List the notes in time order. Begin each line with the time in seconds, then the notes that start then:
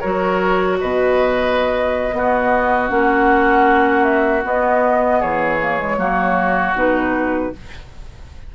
0.00 F#3 F#4 A#4 C#5
0.80 B2 B4 D#5
2.12 B3 F#4
2.88 A#3 C#4 F#5
4.03 E5
4.43 B3 D#5
5.19 E3 G#4 C#5
5.59 A#3
5.78 G#3
5.97 F#3 A#3 F#4
6.73 B2 D#4 B4